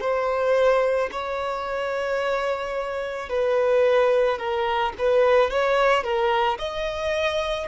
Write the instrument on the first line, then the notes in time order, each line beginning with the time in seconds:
violin
0.00 C5
1.12 C#5
3.29 B4
4.38 A#4
4.98 B4
5.50 C#5
6.03 A#4
6.59 D#5